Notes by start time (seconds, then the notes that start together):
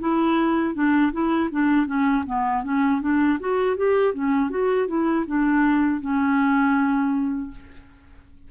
0.00 E4
0.75 D4
1.12 E4
1.52 D4
1.86 C#4
2.26 B3
2.64 C#4
3.01 D4
3.40 F#4
3.77 G4
4.14 C#4
4.50 F#4
4.88 E4
5.27 D4
6.01 C#4